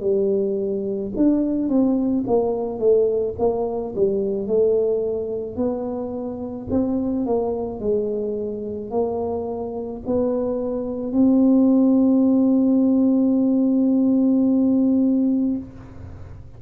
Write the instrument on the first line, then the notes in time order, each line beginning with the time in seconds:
tuba
0.00 G3
1.16 D4
1.68 C4
2.27 A#3
2.78 A3
3.38 A#3
3.95 G3
4.47 A3
5.56 B3
6.70 C4
7.25 A#3
7.79 G#3
8.90 A#3
10.06 B3
11.12 C4